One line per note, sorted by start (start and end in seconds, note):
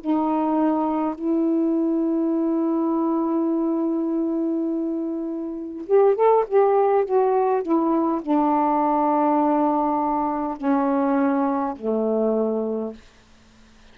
0.00 1.15 D#4
1.15 5.86 E4
5.86 6.15 G4
6.15 6.44 A4
6.47 7.05 G4
7.05 7.62 F#4
7.62 8.21 E4
8.22 10.57 D4
10.57 11.75 C#4
11.76 12.94 A3